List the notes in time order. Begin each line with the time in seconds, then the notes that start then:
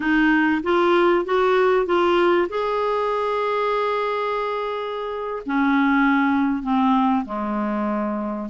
0.00 D#4
0.63 F4
1.25 F#4
1.86 F4
2.49 G#4
5.45 C#4
6.62 C4
7.25 G#3